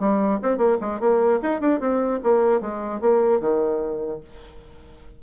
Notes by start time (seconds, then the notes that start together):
0.00 G3
0.43 C4
0.58 A#3
0.81 G#3
1.00 A#3
1.43 D#4
1.61 D4
1.80 C4
2.24 A#3
2.61 G#3
3.01 A#3
3.41 D#3